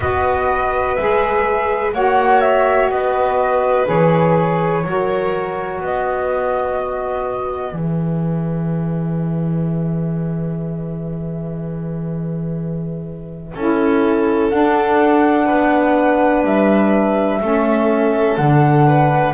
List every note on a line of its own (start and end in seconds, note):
0.00 0.97 B3
0.00 0.98 F#4
0.00 1.94 B4
0.00 0.95 D#5
0.95 1.93 G#3
0.95 1.94 G#4
0.95 1.92 E5
1.93 2.90 A#3
1.93 3.85 F#4
1.93 2.91 C#5
1.93 2.40 F#5
2.40 2.89 E5
2.90 3.86 B3
2.90 4.84 B4
2.90 3.86 D#5
3.85 4.83 E3
3.85 4.82 G#4
3.85 5.81 C#5
4.83 5.80 F#3
4.83 7.71 F#4
4.83 5.83 A#4
5.80 7.72 B3
5.80 13.53 B4
5.80 7.76 D#5
7.71 13.53 E3
7.71 13.52 G#4
7.71 14.49 E5
13.53 14.51 C#4
13.53 14.51 E4
13.53 15.45 A4
14.49 17.41 D4
14.49 15.49 D4
14.49 16.43 F#5
15.45 16.44 B3
15.45 17.39 B4
16.44 17.41 G3
16.44 18.36 E5
17.41 18.37 A3
17.41 18.38 C#4
17.41 18.86 A4
18.36 19.33 D3
18.36 19.33 D4
18.36 19.33 F#5
18.86 19.33 B4